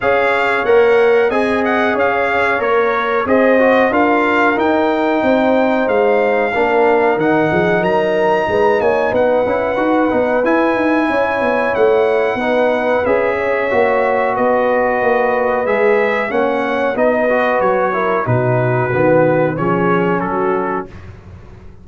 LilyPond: <<
  \new Staff \with { instrumentName = "trumpet" } { \time 4/4 \tempo 4 = 92 f''4 fis''4 gis''8 fis''8 f''4 | cis''4 dis''4 f''4 g''4~ | g''4 f''2 fis''4 | ais''4. gis''8 fis''2 |
gis''2 fis''2 | e''2 dis''2 | e''4 fis''4 dis''4 cis''4 | b'2 cis''4 a'4 | }
  \new Staff \with { instrumentName = "horn" } { \time 4/4 cis''2 dis''4 cis''4~ | cis''4 c''4 ais'2 | c''2 ais'4. gis'8 | ais'4 b'8 cis''8 b'2~ |
b'4 cis''2 b'4~ | b'8 cis''4. b'2~ | b'4 cis''4 b'4. ais'8 | fis'2 gis'4 fis'4 | }
  \new Staff \with { instrumentName = "trombone" } { \time 4/4 gis'4 ais'4 gis'2 | ais'4 gis'8 fis'8 f'4 dis'4~ | dis'2 d'4 dis'4~ | dis'2~ dis'8 e'8 fis'8 dis'8 |
e'2. dis'4 | gis'4 fis'2. | gis'4 cis'4 dis'8 fis'4 e'8 | dis'4 b4 cis'2 | }
  \new Staff \with { instrumentName = "tuba" } { \time 4/4 cis'4 ais4 c'4 cis'4 | ais4 c'4 d'4 dis'4 | c'4 gis4 ais4 dis8 f8 | fis4 gis8 ais8 b8 cis'8 dis'8 b8 |
e'8 dis'8 cis'8 b8 a4 b4 | cis'4 ais4 b4 ais4 | gis4 ais4 b4 fis4 | b,4 dis4 f4 fis4 | }
>>